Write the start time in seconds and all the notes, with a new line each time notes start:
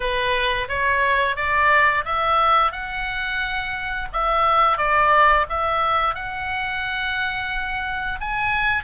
0.00 B4
0.68 C#5
1.36 D5
2.05 E5
2.71 F#5
4.12 E5
4.77 D5
5.49 E5
6.15 F#5
8.20 G#5